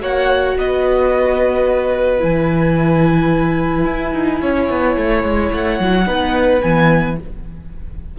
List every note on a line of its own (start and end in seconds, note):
0.00 0.56 A#3
0.00 2.19 F#4
0.00 0.57 C#5
0.00 0.58 F#5
0.58 2.23 B3
0.58 4.41 B4
0.58 2.23 D#5
2.19 3.85 E3
2.19 6.04 E4
2.19 5.53 G#5
3.85 4.12 E4
4.13 4.41 D#4
4.41 4.70 C#4
4.41 6.06 C#5
4.70 4.97 B3
4.97 5.23 A3
5.23 5.51 G#3
5.52 5.79 A3
5.52 6.61 F#5
5.79 6.07 F#3
6.06 6.62 B3
6.06 6.61 D#4
6.06 7.17 B4
6.61 7.19 E3
6.61 7.17 B3
6.61 7.16 G#5